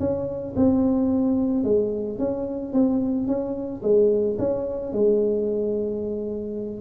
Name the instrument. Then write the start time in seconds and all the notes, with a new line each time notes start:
tuba
0.00 C#4
0.56 C4
1.64 G#3
2.19 C#4
2.73 C4
3.27 C#4
3.83 G#3
4.39 C#4
4.93 G#3